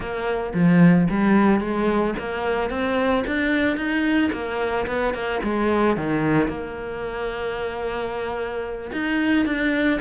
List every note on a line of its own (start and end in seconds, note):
0.00 0.53 A#3
0.54 1.08 F3
1.10 1.60 G3
1.60 2.14 G#3
2.19 2.70 A#3
2.70 3.24 C4
3.26 3.76 D4
3.76 4.30 D#4
4.32 4.86 A#3
4.86 5.14 B3
5.14 5.41 A#3
5.43 5.96 G#3
5.96 6.47 D#3
6.47 8.91 A#3
8.92 9.45 D#4
9.45 10.00 D4